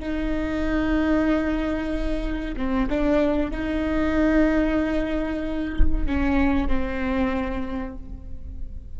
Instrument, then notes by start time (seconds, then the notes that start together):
viola
0.00 D#4
2.57 C4
2.90 D4
3.51 D#4
6.06 C#4
6.68 C4